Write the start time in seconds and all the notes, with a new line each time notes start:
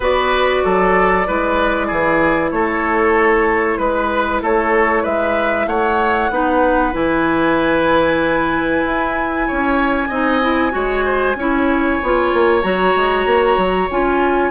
0.00 B3 F#4 B4 D5
0.64 F#3 A4
1.25 G#3 E4 B4
1.87 E3 G#4
2.51 A3 A4 C#5
3.77 G#3 B4
4.41 A3 A4 C#5
5.02 G#3 B4 E5
5.66 A3 C#5 F#5
6.30 B3 D#4 B4
6.92 E3 E4 G#5
8.85 E4
9.47 C#4 C#5
10.08 C4 D#4 D#5
10.41 E4
10.70 G#3 F#4 C#5
11.04 C5
11.35 C#4 E4 C#5
12.02 B3 F4
12.33 A#3
12.62 F#3 F#4 A#5
12.95 G#3
13.25 A#3
13.57 F#3
13.90 C#4 F4 G#5